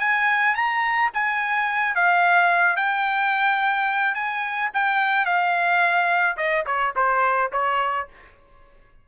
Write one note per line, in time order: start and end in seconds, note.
0.00 0.56 G#5
0.56 1.11 A#5
1.14 1.95 G#5
1.95 2.77 F5
2.77 4.15 G5
4.15 4.70 G#5
4.74 5.26 G5
5.26 6.37 F5
6.37 6.65 D#5
6.66 6.94 C#5
6.96 7.52 C5
7.53 8.08 C#5